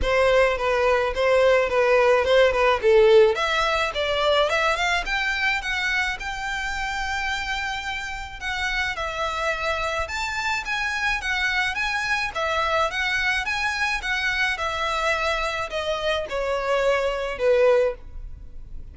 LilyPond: \new Staff \with { instrumentName = "violin" } { \time 4/4 \tempo 4 = 107 c''4 b'4 c''4 b'4 | c''8 b'8 a'4 e''4 d''4 | e''8 f''8 g''4 fis''4 g''4~ | g''2. fis''4 |
e''2 a''4 gis''4 | fis''4 gis''4 e''4 fis''4 | gis''4 fis''4 e''2 | dis''4 cis''2 b'4 | }